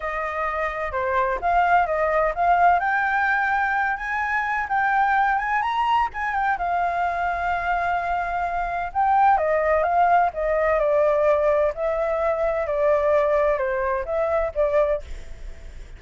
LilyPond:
\new Staff \with { instrumentName = "flute" } { \time 4/4 \tempo 4 = 128 dis''2 c''4 f''4 | dis''4 f''4 g''2~ | g''8 gis''4. g''4. gis''8 | ais''4 gis''8 g''8 f''2~ |
f''2. g''4 | dis''4 f''4 dis''4 d''4~ | d''4 e''2 d''4~ | d''4 c''4 e''4 d''4 | }